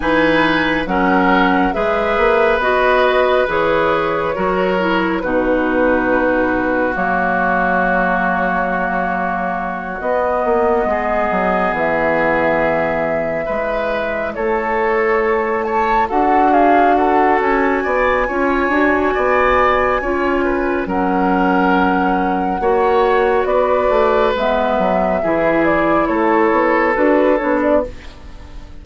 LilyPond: <<
  \new Staff \with { instrumentName = "flute" } { \time 4/4 \tempo 4 = 69 gis''4 fis''4 e''4 dis''4 | cis''2 b'2 | cis''2.~ cis''8 dis''8~ | dis''4. e''2~ e''8~ |
e''8 cis''4. a''8 fis''8 f''8 fis''8 | gis''1 | fis''2. d''4 | e''4. d''8 cis''4 b'8 cis''16 d''16 | }
  \new Staff \with { instrumentName = "oboe" } { \time 4/4 b'4 ais'4 b'2~ | b'4 ais'4 fis'2~ | fis'1~ | fis'8 gis'2. b'8~ |
b'8 a'4. cis''8 a'8 gis'8 a'8~ | a'8 d''8 cis''4 d''4 cis''8 b'8 | ais'2 cis''4 b'4~ | b'4 gis'4 a'2 | }
  \new Staff \with { instrumentName = "clarinet" } { \time 4/4 dis'4 cis'4 gis'4 fis'4 | gis'4 fis'8 e'8 dis'2 | ais2.~ ais8 b8~ | b2.~ b8 e'8~ |
e'2~ e'8 fis'4.~ | fis'4 f'8 fis'4. f'4 | cis'2 fis'2 | b4 e'2 fis'8 d'8 | }
  \new Staff \with { instrumentName = "bassoon" } { \time 4/4 e4 fis4 gis8 ais8 b4 | e4 fis4 b,2 | fis2.~ fis8 b8 | ais8 gis8 fis8 e2 gis8~ |
gis8 a2 d'4. | cis'8 b8 cis'8 d'8 b4 cis'4 | fis2 ais4 b8 a8 | gis8 fis8 e4 a8 b8 d'8 b8 | }
>>